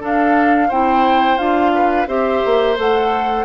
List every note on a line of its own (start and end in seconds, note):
0.00 0.69 D4
0.00 0.70 D4
0.00 0.68 A4
0.00 0.71 F5
0.68 1.38 C4
0.68 1.38 E4
0.68 1.72 C5
0.68 1.38 G5
1.38 2.07 D4
1.38 2.07 F4
1.38 2.07 F5
1.75 2.08 B4
2.07 2.42 C4
2.07 2.76 G4
2.07 3.45 C5
2.07 2.77 E5
2.45 2.78 A#3
2.76 3.45 A3
2.76 3.45 A4
2.76 3.45 F#5